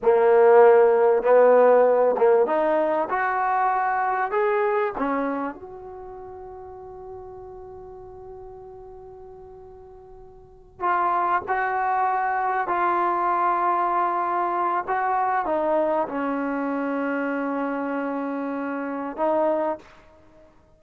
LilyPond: \new Staff \with { instrumentName = "trombone" } { \time 4/4 \tempo 4 = 97 ais2 b4. ais8 | dis'4 fis'2 gis'4 | cis'4 fis'2.~ | fis'1~ |
fis'4. f'4 fis'4.~ | fis'8 f'2.~ f'8 | fis'4 dis'4 cis'2~ | cis'2. dis'4 | }